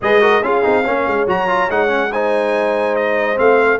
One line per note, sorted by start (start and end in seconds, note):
0.01 0.42 G#3
0.01 0.20 G#4
0.01 0.21 B4
0.01 0.43 D#5
0.20 0.42 F#4
0.20 0.42 A#4
0.42 0.63 C#4
0.42 0.63 F4
0.42 0.83 G#4
0.42 1.27 F5
0.63 0.87 C4
0.63 0.84 D#4
0.83 1.07 A#3
0.83 1.27 C#4
0.83 2.10 C#5
1.07 1.27 G#3
1.27 1.69 F#3
1.27 1.48 F#4
1.27 1.70 A#5
1.48 1.69 F4
1.69 3.38 G#3
1.69 1.87 D#4
1.69 2.12 F#5
1.87 2.09 C#4
2.12 3.35 D#4
2.12 3.79 C5
2.12 2.96 G#5
2.96 3.38 D#5
3.35 3.79 A3
3.35 3.78 C4
3.35 3.79 F5